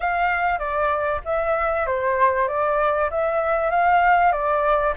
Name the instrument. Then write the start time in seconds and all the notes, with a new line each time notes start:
flute
0.00 F5
0.58 D5
1.24 E5
1.86 C5
2.48 D5
3.10 E5
3.70 F5
4.32 D5